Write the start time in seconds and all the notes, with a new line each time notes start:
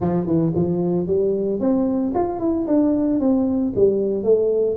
0.00 F3
0.26 E3
0.55 F3
1.06 G3
1.59 C4
2.14 F4
2.39 E4
2.67 D4
3.20 C4
3.75 G3
4.23 A3